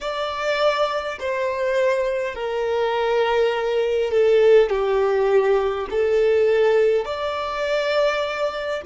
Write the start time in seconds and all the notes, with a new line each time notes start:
0.00 D5
1.19 C5
2.34 A#4
4.11 A4
4.69 G4
5.90 A4
7.05 D5